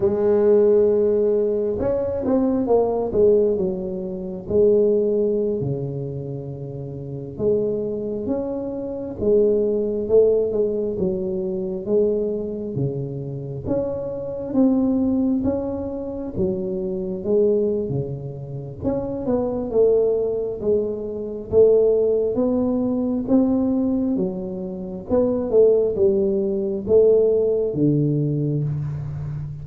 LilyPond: \new Staff \with { instrumentName = "tuba" } { \time 4/4 \tempo 4 = 67 gis2 cis'8 c'8 ais8 gis8 | fis4 gis4~ gis16 cis4.~ cis16~ | cis16 gis4 cis'4 gis4 a8 gis16~ | gis16 fis4 gis4 cis4 cis'8.~ |
cis'16 c'4 cis'4 fis4 gis8. | cis4 cis'8 b8 a4 gis4 | a4 b4 c'4 fis4 | b8 a8 g4 a4 d4 | }